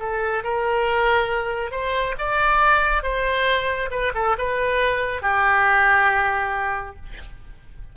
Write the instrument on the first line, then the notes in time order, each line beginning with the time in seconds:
oboe
0.00 A4
0.44 A#4
1.72 C5
2.19 D5
3.03 C5
3.91 B4
4.15 A4
4.38 B4
5.23 G4